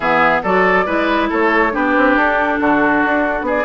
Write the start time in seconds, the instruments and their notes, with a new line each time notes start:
0.00 bassoon E3, clarinet B3, oboe G#4, flute E5
0.42 bassoon F#3, clarinet F#4, oboe A4, flute D5
0.85 bassoon G#3, clarinet E4, oboe B4
1.29 bassoon A3, oboe A4, flute C#5
1.71 bassoon B3, clarinet D4, oboe G4, flute B4
1.97 bassoon C4
2.15 bassoon D4, flute A4
2.59 bassoon D3, oboe F#4
3.04 bassoon D4
3.41 bassoon B3, oboe G#4
3.48 flute D5